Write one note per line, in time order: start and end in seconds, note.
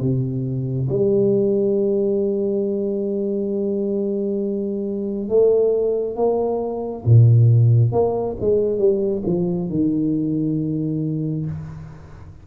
0.00 0.88 C3
0.89 5.29 G3
5.29 6.16 A3
6.16 7.04 A#3
7.05 7.92 A#2
7.92 8.36 A#3
8.40 8.78 G#3
8.78 9.22 G3
9.26 9.69 F3
9.69 11.46 D#3